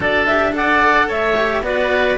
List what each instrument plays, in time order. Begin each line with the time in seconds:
0.00 cello D4 F#4, oboe A4, clarinet D5
0.26 cello G4, clarinet E5
0.52 cello A4, oboe D5, clarinet F#5
1.07 cello A3, oboe C#5, clarinet E5
1.36 cello G4
1.61 cello B3 F#4, oboe B4, clarinet D5